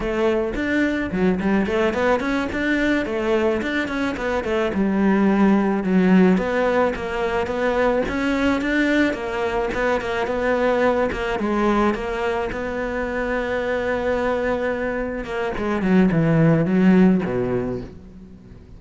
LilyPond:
\new Staff \with { instrumentName = "cello" } { \time 4/4 \tempo 4 = 108 a4 d'4 fis8 g8 a8 b8 | cis'8 d'4 a4 d'8 cis'8 b8 | a8 g2 fis4 b8~ | b8 ais4 b4 cis'4 d'8~ |
d'8 ais4 b8 ais8 b4. | ais8 gis4 ais4 b4.~ | b2.~ b8 ais8 | gis8 fis8 e4 fis4 b,4 | }